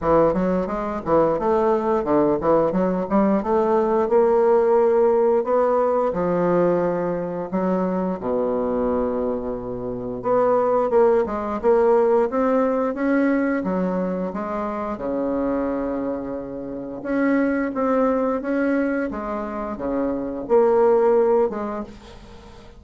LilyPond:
\new Staff \with { instrumentName = "bassoon" } { \time 4/4 \tempo 4 = 88 e8 fis8 gis8 e8 a4 d8 e8 | fis8 g8 a4 ais2 | b4 f2 fis4 | b,2. b4 |
ais8 gis8 ais4 c'4 cis'4 | fis4 gis4 cis2~ | cis4 cis'4 c'4 cis'4 | gis4 cis4 ais4. gis8 | }